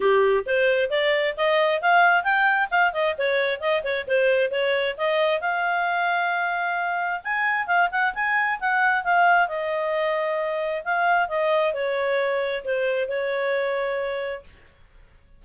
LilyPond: \new Staff \with { instrumentName = "clarinet" } { \time 4/4 \tempo 4 = 133 g'4 c''4 d''4 dis''4 | f''4 g''4 f''8 dis''8 cis''4 | dis''8 cis''8 c''4 cis''4 dis''4 | f''1 |
gis''4 f''8 fis''8 gis''4 fis''4 | f''4 dis''2. | f''4 dis''4 cis''2 | c''4 cis''2. | }